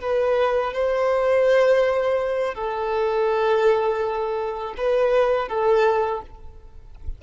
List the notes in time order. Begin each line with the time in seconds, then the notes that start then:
0.00 B4
0.73 C5
2.54 A4
4.77 B4
5.48 A4